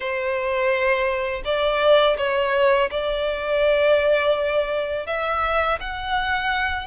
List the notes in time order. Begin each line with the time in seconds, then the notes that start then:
0.00 C5
1.44 D5
2.17 C#5
2.90 D5
5.06 E5
5.80 F#5